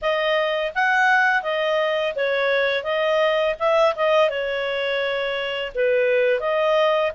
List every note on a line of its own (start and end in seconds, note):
0.01 0.72 D#5
0.74 1.43 F#5
1.43 2.14 D#5
2.15 2.83 C#5
2.83 3.55 D#5
3.59 3.94 E5
3.95 4.29 D#5
4.29 5.72 C#5
5.75 6.40 B4
6.40 7.11 D#5